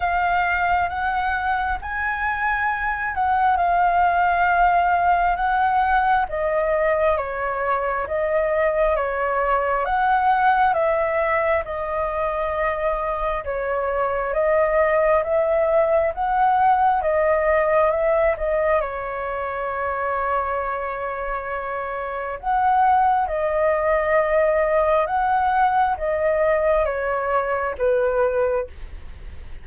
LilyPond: \new Staff \with { instrumentName = "flute" } { \time 4/4 \tempo 4 = 67 f''4 fis''4 gis''4. fis''8 | f''2 fis''4 dis''4 | cis''4 dis''4 cis''4 fis''4 | e''4 dis''2 cis''4 |
dis''4 e''4 fis''4 dis''4 | e''8 dis''8 cis''2.~ | cis''4 fis''4 dis''2 | fis''4 dis''4 cis''4 b'4 | }